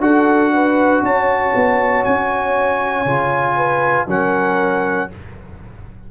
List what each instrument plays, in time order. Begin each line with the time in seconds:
0.00 tuba D4, trombone F#4, horn A4, trumpet F#5
0.54 horn B4
1.03 tuba C#4, horn C#5, trumpet A5
1.56 tuba B3
2.05 tuba C#4, trumpet G#5
3.06 tuba C#3, trombone F4
3.57 horn B4
4.08 tuba F#3, trombone C#4, horn A#4, trumpet F#5